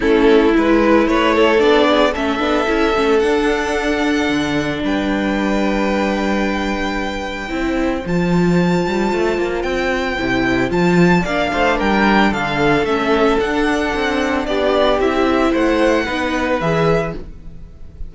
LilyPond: <<
  \new Staff \with { instrumentName = "violin" } { \time 4/4 \tempo 4 = 112 a'4 b'4 cis''4 d''4 | e''2 fis''2~ | fis''4 g''2.~ | g''2. a''4~ |
a''2 g''2 | a''4 f''4 g''4 f''4 | e''4 fis''2 d''4 | e''4 fis''2 e''4 | }
  \new Staff \with { instrumentName = "violin" } { \time 4/4 e'2 b'8 a'4 gis'8 | a'1~ | a'4 b'2.~ | b'2 c''2~ |
c''1~ | c''4 d''8 c''8 ais'4 a'4~ | a'2. g'4~ | g'4 c''4 b'2 | }
  \new Staff \with { instrumentName = "viola" } { \time 4/4 cis'4 e'2 d'4 | cis'8 d'8 e'8 cis'8 d'2~ | d'1~ | d'2 e'4 f'4~ |
f'2. e'4 | f'4 d'2. | cis'4 d'2. | e'2 dis'4 gis'4 | }
  \new Staff \with { instrumentName = "cello" } { \time 4/4 a4 gis4 a4 b4 | a8 b8 cis'8 a8 d'2 | d4 g2.~ | g2 c'4 f4~ |
f8 g8 a8 ais8 c'4 c4 | f4 ais8 a8 g4 d4 | a4 d'4 c'4 b4 | c'4 a4 b4 e4 | }
>>